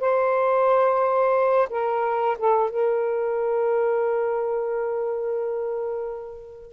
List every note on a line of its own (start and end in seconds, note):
0.00 1.69 C5
1.70 2.37 A#4
2.38 2.70 A4
2.70 6.73 A#4